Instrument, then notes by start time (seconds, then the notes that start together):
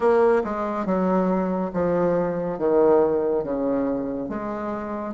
bassoon
0.00 A#3
0.44 G#3
0.85 F#3
1.73 F3
2.58 D#3
3.43 C#3
4.29 G#3